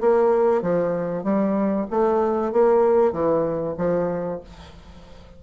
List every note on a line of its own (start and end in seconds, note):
0.00 0.62 A#3
0.62 1.23 F3
1.23 1.86 G3
1.90 2.52 A3
2.52 3.12 A#3
3.12 3.75 E3
3.78 4.41 F3